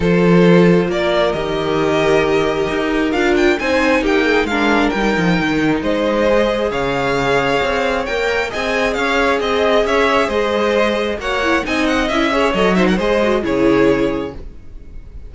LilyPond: <<
  \new Staff \with { instrumentName = "violin" } { \time 4/4 \tempo 4 = 134 c''2 d''4 dis''4~ | dis''2. f''8 g''8 | gis''4 g''4 f''4 g''4~ | g''4 dis''2 f''4~ |
f''2 g''4 gis''4 | f''4 dis''4 e''4 dis''4~ | dis''4 fis''4 gis''8 fis''8 e''4 | dis''8 e''16 fis''16 dis''4 cis''2 | }
  \new Staff \with { instrumentName = "violin" } { \time 4/4 a'2 ais'2~ | ais'1 | c''4 g'8 gis'8 ais'2~ | ais'4 c''2 cis''4~ |
cis''2. dis''4 | cis''4 dis''4 cis''4 c''4~ | c''4 cis''4 dis''4. cis''8~ | cis''8 c''16 ais'16 c''4 gis'2 | }
  \new Staff \with { instrumentName = "viola" } { \time 4/4 f'2. g'4~ | g'2. f'4 | dis'2 d'4 dis'4~ | dis'2 gis'2~ |
gis'2 ais'4 gis'4~ | gis'1~ | gis'4 fis'8 e'8 dis'4 e'8 gis'8 | a'8 dis'8 gis'8 fis'8 e'2 | }
  \new Staff \with { instrumentName = "cello" } { \time 4/4 f2 ais4 dis4~ | dis2 dis'4 d'4 | c'4 ais4 gis4 g8 f8 | dis4 gis2 cis4~ |
cis4 c'4 ais4 c'4 | cis'4 c'4 cis'4 gis4~ | gis4 ais4 c'4 cis'4 | fis4 gis4 cis2 | }
>>